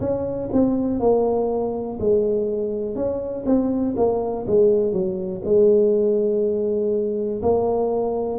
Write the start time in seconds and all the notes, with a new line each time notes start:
0.00 C#4
0.53 C4
1.00 A#3
1.99 G#3
2.95 C#4
3.46 C4
3.97 A#3
4.47 G#3
4.93 F#3
5.45 G#3
7.42 A#3